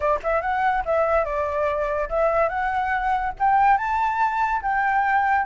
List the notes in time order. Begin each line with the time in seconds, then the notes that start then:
0.00 D5
0.23 E5
0.41 F#5
0.85 E5
1.24 D5
2.09 E5
2.49 F#5
3.39 G5
3.77 A5
4.62 G5